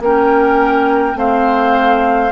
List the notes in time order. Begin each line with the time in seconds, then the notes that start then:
0.00 A#3 C#4 A#4 G5
1.14 A3 C4 C5 F5